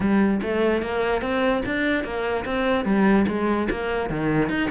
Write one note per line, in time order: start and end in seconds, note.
0.00 0.40 G3
0.42 0.82 A3
0.82 1.21 A#3
1.21 1.62 C4
1.65 2.04 D4
2.04 2.44 A#3
2.45 2.84 C4
2.84 3.25 G3
3.27 3.68 G#3
3.70 4.09 A#3
4.09 4.49 D#3
4.49 4.69 D#4